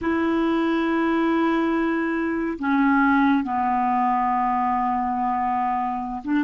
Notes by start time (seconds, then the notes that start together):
0.01 E4
2.58 C#4
3.43 B3
6.23 D4